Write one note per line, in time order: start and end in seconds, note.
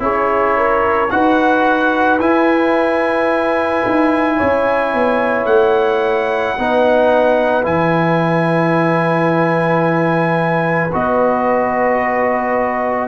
0.00 1.09 C#4
0.00 1.09 E4
0.00 0.57 G#4
0.00 1.11 C#5
0.57 1.12 A#4
1.11 2.20 D#4
1.11 2.20 F#4
1.11 4.37 B4
1.11 2.20 F#5
2.20 3.83 E4
2.20 6.58 E4
2.20 5.46 G#5
3.86 4.40 D#4
4.37 4.94 C#4
4.37 6.56 C#5
4.94 5.45 B3
5.45 6.54 A3
5.45 7.64 F#5
6.58 7.65 B3
6.58 7.63 D#4
6.58 13.09 B4
7.63 10.93 E3
7.63 10.90 E4
7.63 10.93 G#5
10.93 13.09 B3
10.93 13.09 F#4
10.93 13.09 D#5